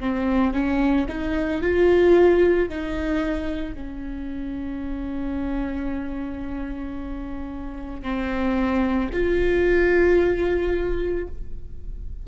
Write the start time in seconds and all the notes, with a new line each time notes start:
0.00 C4
0.53 C#4
1.08 D#4
1.62 F4
2.69 D#4
3.75 C#4
8.03 C4
9.13 F4